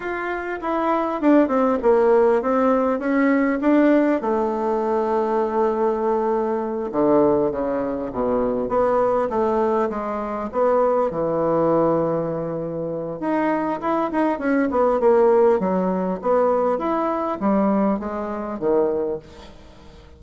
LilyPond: \new Staff \with { instrumentName = "bassoon" } { \time 4/4 \tempo 4 = 100 f'4 e'4 d'8 c'8 ais4 | c'4 cis'4 d'4 a4~ | a2.~ a8 d8~ | d8 cis4 b,4 b4 a8~ |
a8 gis4 b4 e4.~ | e2 dis'4 e'8 dis'8 | cis'8 b8 ais4 fis4 b4 | e'4 g4 gis4 dis4 | }